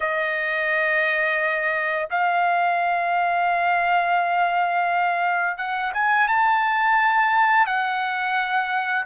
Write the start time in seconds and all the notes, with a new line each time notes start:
0.00 D#5
2.10 F5
5.57 F#5
5.93 G#5
6.28 A5
7.66 F#5